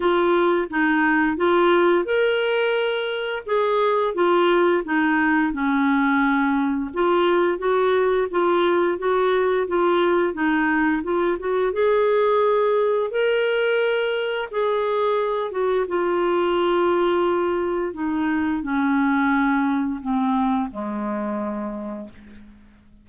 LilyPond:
\new Staff \with { instrumentName = "clarinet" } { \time 4/4 \tempo 4 = 87 f'4 dis'4 f'4 ais'4~ | ais'4 gis'4 f'4 dis'4 | cis'2 f'4 fis'4 | f'4 fis'4 f'4 dis'4 |
f'8 fis'8 gis'2 ais'4~ | ais'4 gis'4. fis'8 f'4~ | f'2 dis'4 cis'4~ | cis'4 c'4 gis2 | }